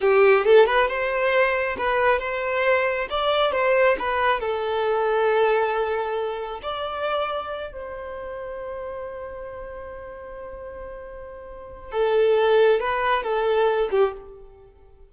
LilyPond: \new Staff \with { instrumentName = "violin" } { \time 4/4 \tempo 4 = 136 g'4 a'8 b'8 c''2 | b'4 c''2 d''4 | c''4 b'4 a'2~ | a'2. d''4~ |
d''4. c''2~ c''8~ | c''1~ | c''2. a'4~ | a'4 b'4 a'4. g'8 | }